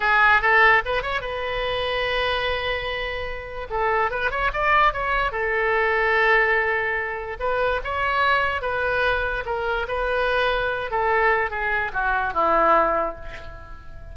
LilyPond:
\new Staff \with { instrumentName = "oboe" } { \time 4/4 \tempo 4 = 146 gis'4 a'4 b'8 cis''8 b'4~ | b'1~ | b'4 a'4 b'8 cis''8 d''4 | cis''4 a'2.~ |
a'2 b'4 cis''4~ | cis''4 b'2 ais'4 | b'2~ b'8 a'4. | gis'4 fis'4 e'2 | }